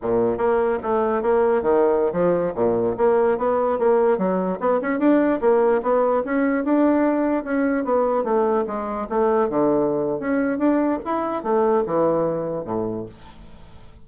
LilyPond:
\new Staff \with { instrumentName = "bassoon" } { \time 4/4 \tempo 4 = 147 ais,4 ais4 a4 ais4 | dis4~ dis16 f4 ais,4 ais8.~ | ais16 b4 ais4 fis4 b8 cis'16~ | cis'16 d'4 ais4 b4 cis'8.~ |
cis'16 d'2 cis'4 b8.~ | b16 a4 gis4 a4 d8.~ | d4 cis'4 d'4 e'4 | a4 e2 a,4 | }